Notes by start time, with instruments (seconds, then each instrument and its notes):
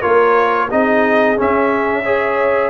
0.00 tuba A#3, trombone F4, horn A#4, trumpet C#5
0.70 tuba C4, trombone D#4, horn G#4, trumpet D#5
1.37 trombone C#4, tuba C#4, trumpet E5
2.03 trombone G#4, horn C#5